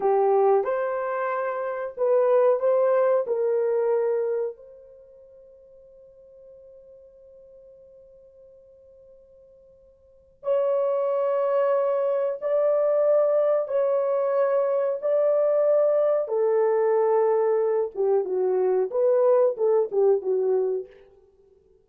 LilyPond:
\new Staff \with { instrumentName = "horn" } { \time 4/4 \tempo 4 = 92 g'4 c''2 b'4 | c''4 ais'2 c''4~ | c''1~ | c''1 |
cis''2. d''4~ | d''4 cis''2 d''4~ | d''4 a'2~ a'8 g'8 | fis'4 b'4 a'8 g'8 fis'4 | }